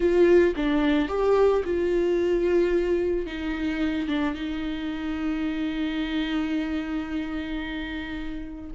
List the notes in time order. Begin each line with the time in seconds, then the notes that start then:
0.00 F4
0.56 D4
1.08 G4
1.64 F4
3.26 D#4
4.08 D4
4.34 D#4